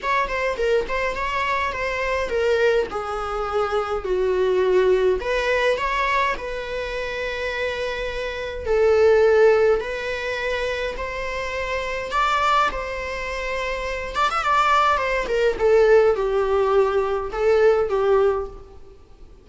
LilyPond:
\new Staff \with { instrumentName = "viola" } { \time 4/4 \tempo 4 = 104 cis''8 c''8 ais'8 c''8 cis''4 c''4 | ais'4 gis'2 fis'4~ | fis'4 b'4 cis''4 b'4~ | b'2. a'4~ |
a'4 b'2 c''4~ | c''4 d''4 c''2~ | c''8 d''16 e''16 d''4 c''8 ais'8 a'4 | g'2 a'4 g'4 | }